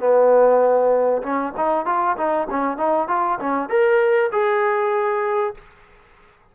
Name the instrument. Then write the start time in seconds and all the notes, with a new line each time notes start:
trombone
0.00 B3
1.23 C#4
1.57 D#4
1.86 F4
2.18 D#4
2.50 C#4
2.78 D#4
3.09 F4
3.41 C#4
3.70 A#4
4.33 G#4